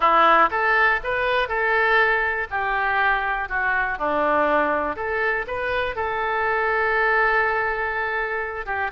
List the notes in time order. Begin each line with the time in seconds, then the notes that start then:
0.00 E4
0.50 A4
1.03 B4
1.48 A4
2.50 G4
3.48 F#4
3.98 D4
4.96 A4
5.47 B4
5.95 A4
8.66 G4